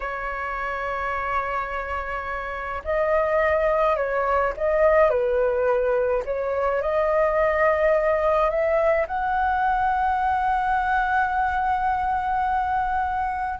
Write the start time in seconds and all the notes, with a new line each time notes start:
0.00 C#5
2.84 D#5
3.96 C#5
4.56 D#5
5.10 B4
6.25 C#5
6.81 D#5
8.49 E5
9.07 F#5